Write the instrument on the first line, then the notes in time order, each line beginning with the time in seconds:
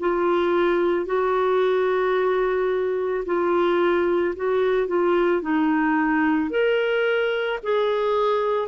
clarinet
0.00 F4
1.07 F#4
3.26 F4
4.36 F#4
4.88 F4
5.42 D#4
6.51 A#4
7.64 G#4